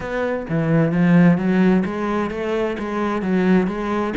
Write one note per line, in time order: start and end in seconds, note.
0.00 0.46 B3
0.49 0.92 E3
0.92 1.37 F3
1.37 1.83 F#3
1.85 2.30 G#3
2.30 2.76 A3
2.79 3.22 G#3
3.22 3.67 F#3
3.67 4.13 G#3